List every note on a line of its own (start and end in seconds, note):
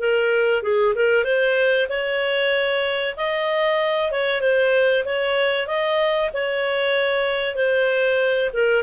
0.00 0.63 A#4
0.63 0.94 G#4
0.95 1.25 A#4
1.25 1.88 C5
1.89 3.16 C#5
3.17 4.12 D#5
4.12 4.41 C#5
4.41 5.04 C5
5.05 5.67 C#5
5.67 6.30 D#5
6.34 7.55 C#5
7.55 8.50 C5
8.53 8.83 A#4